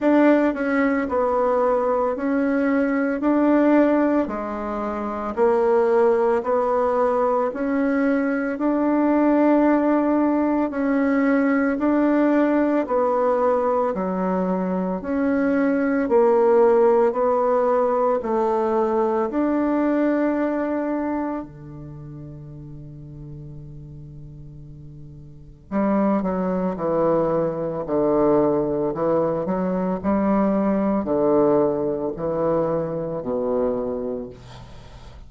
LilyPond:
\new Staff \with { instrumentName = "bassoon" } { \time 4/4 \tempo 4 = 56 d'8 cis'8 b4 cis'4 d'4 | gis4 ais4 b4 cis'4 | d'2 cis'4 d'4 | b4 fis4 cis'4 ais4 |
b4 a4 d'2 | d1 | g8 fis8 e4 d4 e8 fis8 | g4 d4 e4 b,4 | }